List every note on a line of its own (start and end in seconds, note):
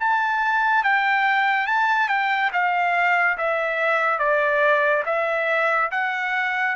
0.00 0.84 A5
0.84 1.67 G5
1.67 2.08 A5
2.08 2.50 G5
2.53 3.37 F5
3.38 4.19 E5
4.19 5.03 D5
5.06 5.90 E5
5.91 6.76 F#5